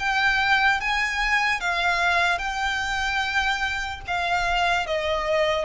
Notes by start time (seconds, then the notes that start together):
0.00 G5
0.81 G#5
1.61 F5
2.39 G5
4.08 F5
4.87 D#5